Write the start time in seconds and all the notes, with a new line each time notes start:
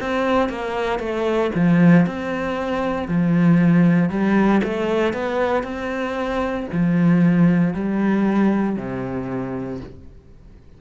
0.00 C4
0.49 A#3
0.99 A3
1.55 F3
2.06 C4
3.08 F3
4.09 G3
4.63 A3
5.13 B3
5.63 C4
6.72 F3
7.74 G3
8.76 C3